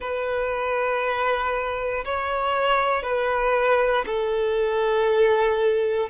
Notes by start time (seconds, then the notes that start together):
0.00 B4
2.04 C#5
3.02 B4
4.06 A4